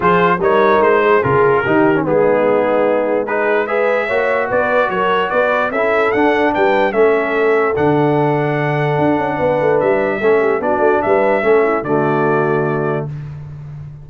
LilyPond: <<
  \new Staff \with { instrumentName = "trumpet" } { \time 4/4 \tempo 4 = 147 c''4 cis''4 c''4 ais'4~ | ais'4 gis'2. | b'4 e''2 d''4 | cis''4 d''4 e''4 fis''4 |
g''4 e''2 fis''4~ | fis''1 | e''2 d''4 e''4~ | e''4 d''2. | }
  \new Staff \with { instrumentName = "horn" } { \time 4/4 gis'4 ais'4. gis'4. | g'4 dis'2. | gis'4 b'4 cis''4 b'4 | ais'4 b'4 a'2 |
b'4 a'2.~ | a'2. b'4~ | b'4 a'8 g'8 fis'4 b'4 | a'8 e'8 fis'2. | }
  \new Staff \with { instrumentName = "trombone" } { \time 4/4 f'4 dis'2 f'4 | dis'8. cis'16 b2. | dis'4 gis'4 fis'2~ | fis'2 e'4 d'4~ |
d'4 cis'2 d'4~ | d'1~ | d'4 cis'4 d'2 | cis'4 a2. | }
  \new Staff \with { instrumentName = "tuba" } { \time 4/4 f4 g4 gis4 cis4 | dis4 gis2.~ | gis2 ais4 b4 | fis4 b4 cis'4 d'4 |
g4 a2 d4~ | d2 d'8 cis'8 b8 a8 | g4 a4 b8 a8 g4 | a4 d2. | }
>>